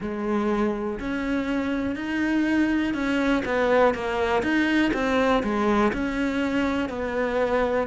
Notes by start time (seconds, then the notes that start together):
0.00 G#3
0.99 C#4
1.95 D#4
2.93 C#4
3.45 B3
3.94 A#3
4.42 D#4
4.93 C4
5.43 G#3
5.92 C#4
6.89 B3